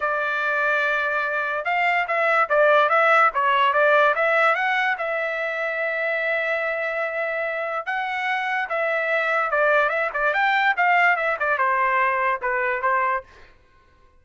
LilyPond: \new Staff \with { instrumentName = "trumpet" } { \time 4/4 \tempo 4 = 145 d''1 | f''4 e''4 d''4 e''4 | cis''4 d''4 e''4 fis''4 | e''1~ |
e''2. fis''4~ | fis''4 e''2 d''4 | e''8 d''8 g''4 f''4 e''8 d''8 | c''2 b'4 c''4 | }